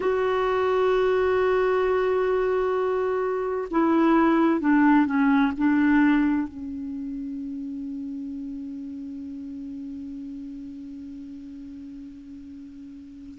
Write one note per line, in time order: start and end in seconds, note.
0.00 3.68 F#4
3.70 4.60 E4
4.60 5.06 D4
5.06 5.52 C#4
5.57 6.48 D4
6.48 13.38 C#4